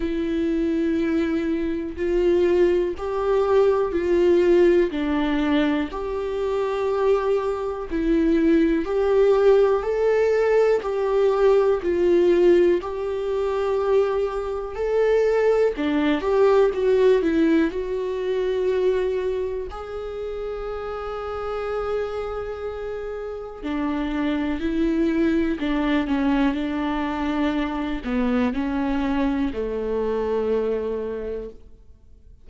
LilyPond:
\new Staff \with { instrumentName = "viola" } { \time 4/4 \tempo 4 = 61 e'2 f'4 g'4 | f'4 d'4 g'2 | e'4 g'4 a'4 g'4 | f'4 g'2 a'4 |
d'8 g'8 fis'8 e'8 fis'2 | gis'1 | d'4 e'4 d'8 cis'8 d'4~ | d'8 b8 cis'4 a2 | }